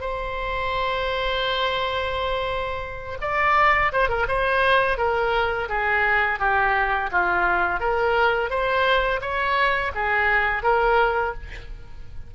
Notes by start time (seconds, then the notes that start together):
0.00 C5
3.21 D5
3.92 C5
4.08 A#4
4.28 C5
4.97 A#4
5.69 G#4
6.39 G4
7.11 F4
7.80 A#4
8.50 C5
9.21 C#5
9.95 G#4
10.63 A#4